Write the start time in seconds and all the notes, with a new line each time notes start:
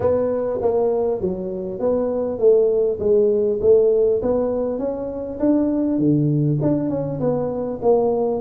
0.00 B3
0.61 A#3
1.21 F#3
1.79 B3
2.38 A3
2.99 G#3
3.61 A3
4.22 B3
4.78 C#4
5.39 D4
5.98 D3
6.61 D4
6.89 C#4
7.20 B3
7.82 A#3